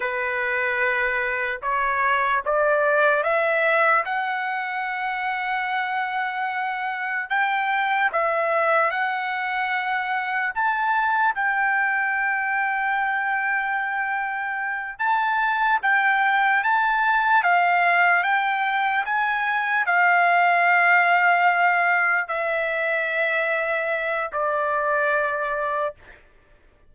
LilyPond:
\new Staff \with { instrumentName = "trumpet" } { \time 4/4 \tempo 4 = 74 b'2 cis''4 d''4 | e''4 fis''2.~ | fis''4 g''4 e''4 fis''4~ | fis''4 a''4 g''2~ |
g''2~ g''8 a''4 g''8~ | g''8 a''4 f''4 g''4 gis''8~ | gis''8 f''2. e''8~ | e''2 d''2 | }